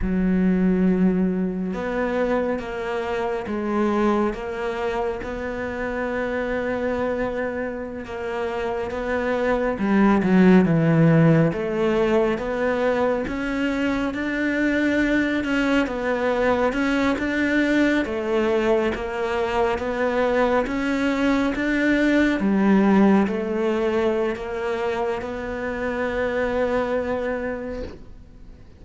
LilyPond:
\new Staff \with { instrumentName = "cello" } { \time 4/4 \tempo 4 = 69 fis2 b4 ais4 | gis4 ais4 b2~ | b4~ b16 ais4 b4 g8 fis16~ | fis16 e4 a4 b4 cis'8.~ |
cis'16 d'4. cis'8 b4 cis'8 d'16~ | d'8. a4 ais4 b4 cis'16~ | cis'8. d'4 g4 a4~ a16 | ais4 b2. | }